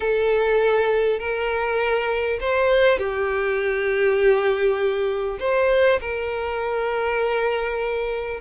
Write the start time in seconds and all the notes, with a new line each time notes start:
0.00 A4
1.19 A#4
2.40 C5
2.98 G4
5.39 C5
6.00 A#4